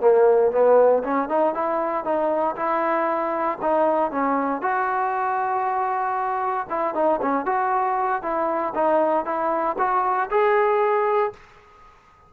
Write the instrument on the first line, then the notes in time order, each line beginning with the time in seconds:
trombone
0.00 A#3
0.51 B3
1.03 C#4
1.29 D#4
1.54 E4
2.04 D#4
2.56 E4
3.61 D#4
4.11 C#4
4.61 F#4
6.69 E4
6.94 D#4
7.21 C#4
7.45 F#4
8.22 E4
8.74 D#4
9.25 E4
9.78 F#4
10.30 G#4